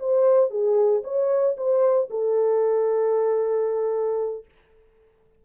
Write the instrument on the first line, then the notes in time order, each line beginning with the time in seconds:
horn
0.00 C5
0.51 G#4
1.04 C#5
1.57 C5
2.11 A4